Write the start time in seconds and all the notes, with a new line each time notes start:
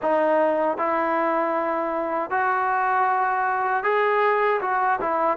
0.02 D#4
0.77 E4
2.30 F#4
3.83 G#4
4.61 F#4
5.00 E4